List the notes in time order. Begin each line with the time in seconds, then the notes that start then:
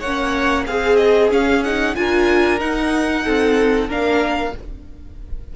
0.00 A#3 C#4 C#5 F#5
0.66 C4 G#4 F5
0.96 D#5
1.31 C#4 F5
1.64 D#4 F#5
1.96 D4 F4 A#4 G#5
2.59 D#4 F#5
3.24 C4 A4
3.88 A#3 D4 A#4 F5